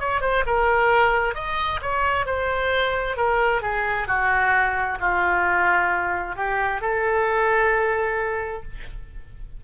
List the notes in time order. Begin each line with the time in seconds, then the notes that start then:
0.00 C#5
0.21 C5
0.47 A#4
1.35 D#5
1.82 C#5
2.26 C5
3.17 A#4
3.62 G#4
4.08 F#4
5.00 F4
6.36 G4
6.81 A4